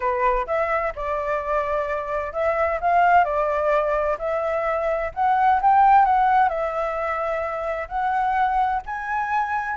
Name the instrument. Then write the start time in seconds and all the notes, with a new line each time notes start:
flute
0.00 B4
0.46 E5
0.95 D5
2.33 E5
2.80 F5
3.24 D5
4.18 E5
5.14 F#5
5.61 G5
6.05 F#5
6.48 E5
7.88 F#5
8.86 G#5